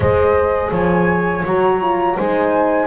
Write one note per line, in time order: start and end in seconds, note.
0.00 0.70 G#3
0.00 1.44 G#4
0.00 0.72 C5
0.00 0.71 D#5
0.71 1.43 F3
0.71 2.16 C#5
0.71 1.44 G#5
1.45 2.17 F#3
1.45 1.81 F#4
1.45 2.17 A#5
1.81 2.17 F4
2.16 2.86 G#3
2.16 2.86 D#4
2.16 2.86 C5
2.16 2.86 G#5